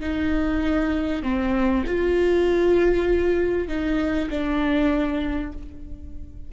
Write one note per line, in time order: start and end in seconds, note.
0.00 1.22 D#4
1.23 1.84 C4
1.86 3.68 F4
3.68 4.29 D#4
4.30 5.52 D4